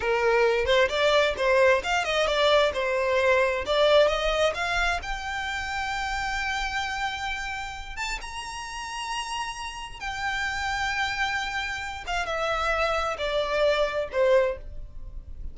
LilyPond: \new Staff \with { instrumentName = "violin" } { \time 4/4 \tempo 4 = 132 ais'4. c''8 d''4 c''4 | f''8 dis''8 d''4 c''2 | d''4 dis''4 f''4 g''4~ | g''1~ |
g''4. a''8 ais''2~ | ais''2 g''2~ | g''2~ g''8 f''8 e''4~ | e''4 d''2 c''4 | }